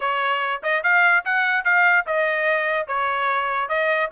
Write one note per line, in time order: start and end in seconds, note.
0.00 0.61 C#5
0.62 0.83 D#5
0.83 1.24 F5
1.24 1.64 F#5
1.64 2.05 F5
2.06 2.87 D#5
2.87 3.69 C#5
3.69 4.10 D#5